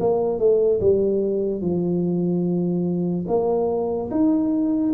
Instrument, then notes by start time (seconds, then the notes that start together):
tuba
0.00 A#3
0.39 A3
0.80 G3
1.61 F3
3.28 A#3
4.11 D#4